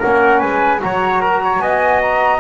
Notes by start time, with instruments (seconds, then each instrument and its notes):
0.00 double bass A#3, trombone C#4, trumpet A#4, flute F#5
0.39 double bass G#3, trumpet B4, flute G#5
0.81 double bass F#3, trombone F#4, trumpet C#5, flute A#5
1.21 trumpet A#4
1.45 trumpet C#5
1.60 double bass B3, trumpet D#5, flute G#5
2.02 flute A#5